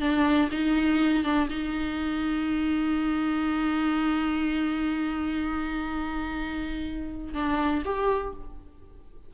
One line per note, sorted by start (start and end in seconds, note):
0.00 0.49 D4
0.51 1.24 D#4
1.24 1.48 D4
1.49 7.34 D#4
7.34 7.82 D4
7.84 8.33 G4